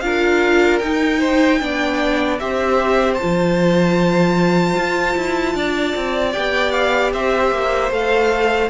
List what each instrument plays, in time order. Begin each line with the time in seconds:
0.00 cello D4, viola F4, violin A#4 F5
0.78 viola D#4, cello D#4, violin G5
1.19 violin C5
1.60 cello B3, viola D4, violin D5
2.39 cello C4, viola G4, violin C5 E5
3.14 viola F4, violin A5
3.23 cello F3
4.76 cello F4
5.16 cello E4
5.55 cello D4, violin D5
5.95 cello C4
6.32 cello B3, viola G4, violin G5
6.71 violin F5
7.13 cello C4, violin C5 E5
7.51 cello A#3
7.91 cello A3, viola A4, violin F5